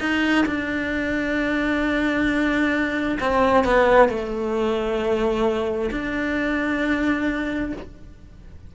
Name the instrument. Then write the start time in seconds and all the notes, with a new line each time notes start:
cello
0.00 D#4
0.46 D4
3.20 C4
3.64 B3
4.09 A3
5.91 D4